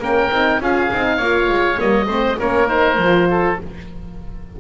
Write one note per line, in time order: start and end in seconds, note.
0.00 0.30 A#3
0.00 0.32 C#4
0.00 0.61 A#4
0.00 0.63 G5
0.31 0.61 C4
0.31 0.61 D#4
0.61 0.90 C#4
0.61 0.91 F4
0.61 1.17 G#4
0.61 1.80 F5
0.92 1.20 C4
0.92 1.22 D#4
1.17 1.49 A#3
1.17 1.77 F4
1.17 2.06 C#5
1.49 1.79 G#3
1.77 2.06 G3
1.77 2.06 A#3
1.77 2.40 D#5
2.06 2.36 A3
2.06 2.37 C4
2.06 2.37 C5
2.38 2.98 A#3
2.38 2.67 C#4
2.38 3.28 A#4
2.38 2.68 C#5
2.67 2.97 D#4
2.67 3.57 C5
2.98 3.57 F3
2.98 3.58 F4
3.31 3.60 A4